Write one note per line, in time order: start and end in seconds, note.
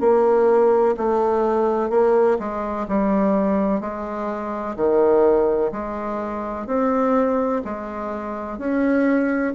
0.00 0.95 A#3
0.97 1.90 A3
1.90 2.37 A#3
2.39 2.87 G#3
2.88 3.81 G3
3.81 4.76 G#3
4.76 5.71 D#3
5.72 6.67 G#3
6.67 7.62 C4
7.65 8.58 G#3
8.58 9.54 C#4